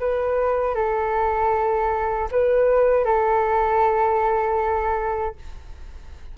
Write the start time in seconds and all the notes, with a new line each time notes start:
0.00 B4
0.76 A4
2.32 B4
3.06 A4